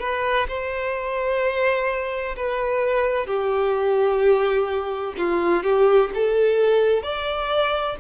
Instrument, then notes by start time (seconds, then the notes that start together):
violin
0.00 B4
0.48 C5
2.37 B4
3.27 G4
5.18 F4
5.63 G4
6.14 A4
7.03 D5